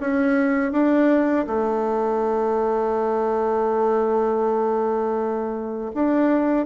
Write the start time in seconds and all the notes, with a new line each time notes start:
0.00 C#4
0.72 D4
1.47 A3
5.94 D4